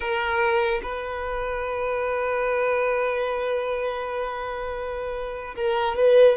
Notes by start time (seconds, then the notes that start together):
0.00 A#4
0.82 B4
5.55 A#4
5.96 B4